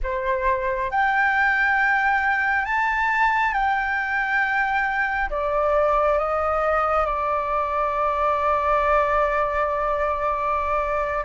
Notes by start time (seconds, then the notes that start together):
0.03 C5
0.91 G5
2.65 A5
3.53 G5
5.30 D5
6.18 D#5
7.05 D5